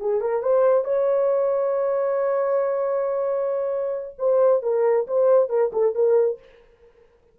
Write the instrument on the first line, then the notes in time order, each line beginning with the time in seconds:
horn
0.00 G#4
0.21 A#4
0.43 C5
0.84 C#5
4.18 C5
4.62 A#4
5.07 C5
5.49 A#4
5.73 A4
5.95 A#4